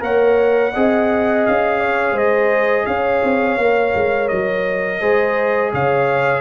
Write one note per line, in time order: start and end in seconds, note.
0.00 0.73 A#3
0.00 0.71 A#4
0.00 0.73 C#5
0.00 1.46 F#5
0.73 1.47 C4
0.73 3.59 G#4
0.73 1.80 D#5
1.46 2.12 C#4
1.46 2.18 F5
1.80 2.13 C#5
2.12 2.84 G#3
2.12 2.85 C5
2.12 2.86 D#5
2.86 3.23 C#4
2.86 5.00 C#5
2.86 4.28 F5
3.24 3.58 C4
3.58 3.93 A#3
3.58 5.01 A#4
3.95 4.31 G#3
4.28 5.01 F#3
4.28 5.71 D#5
5.00 5.72 G#3
5.00 6.41 G#4
5.00 5.72 C5
5.73 6.41 C#3
5.73 6.41 C#5
5.73 6.41 F5